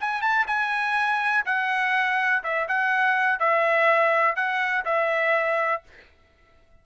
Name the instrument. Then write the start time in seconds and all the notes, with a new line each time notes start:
trumpet
0.00 G#5
0.21 A5
0.47 G#5
1.45 F#5
2.43 E5
2.68 F#5
3.39 E5
4.35 F#5
4.84 E5